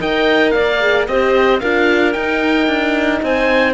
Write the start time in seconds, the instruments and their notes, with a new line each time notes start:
0.00 cello D#4, horn A#4, clarinet D#5, oboe G5
0.51 cello A#3, clarinet D5, oboe F5
0.81 horn G#4
1.08 cello C4, horn G4, clarinet C5, oboe D#5
1.60 cello D4, horn F4, clarinet A#4, oboe F5
2.13 cello D#4, horn D#4, oboe G5
2.68 cello D4
3.23 cello C4, clarinet C5, oboe G#5